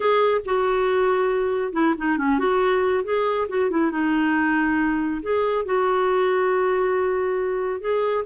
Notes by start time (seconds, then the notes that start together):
0.00 G#4
0.45 F#4
1.73 E4
1.97 D#4
2.17 C#4
2.38 F#4
3.04 G#4
3.48 F#4
3.70 E4
3.91 D#4
5.22 G#4
5.65 F#4
7.80 G#4